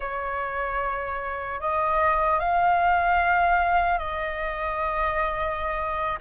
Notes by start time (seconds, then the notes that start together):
0.00 C#5
1.60 D#5
2.39 F5
3.98 D#5